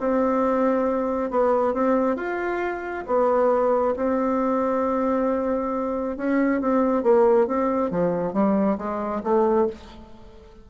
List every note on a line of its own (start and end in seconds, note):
0.00 1.31 C4
1.31 1.74 B3
1.74 2.17 C4
2.17 3.05 F4
3.07 3.95 B3
3.97 6.17 C4
6.17 6.62 C#4
6.62 7.03 C4
7.03 7.47 A#3
7.47 7.91 C4
7.91 8.34 F3
8.34 8.78 G3
8.78 9.22 G#3
9.24 9.68 A3